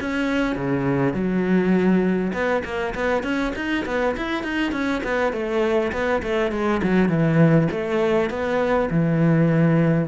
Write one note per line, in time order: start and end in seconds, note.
0.00 0.55 C#4
0.55 1.13 C#3
1.13 2.32 F#3
2.33 2.63 B3
2.64 2.94 A#3
2.95 3.23 B3
3.23 3.53 C#4
3.55 3.85 D#4
3.85 4.15 B3
4.17 4.43 E4
4.43 4.72 D#4
4.72 5.01 C#4
5.03 5.32 B3
5.32 5.92 A3
5.92 6.22 B3
6.22 6.51 A3
6.51 6.81 G#3
6.82 7.09 F#3
7.09 7.68 E3
7.71 8.30 A3
8.30 8.89 B3
8.90 10.08 E3